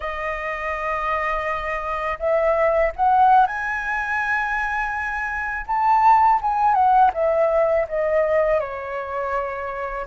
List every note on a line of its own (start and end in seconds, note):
0.00 2.18 D#5
2.19 2.92 E5
2.95 3.46 F#5
3.46 5.66 G#5
5.66 6.40 A5
6.41 6.74 G#5
6.74 7.10 F#5
7.13 7.87 E5
7.88 8.60 D#5
8.60 10.06 C#5